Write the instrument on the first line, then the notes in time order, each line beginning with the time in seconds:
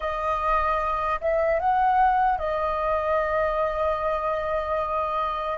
flute
0.00 D#5
1.20 E5
1.59 F#5
2.38 D#5